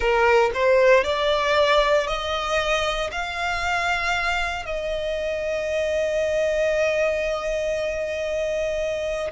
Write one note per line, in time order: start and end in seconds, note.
0.00 0.50 A#4
0.54 1.03 C5
1.03 2.07 D5
2.07 3.10 D#5
3.11 4.66 F5
4.66 9.31 D#5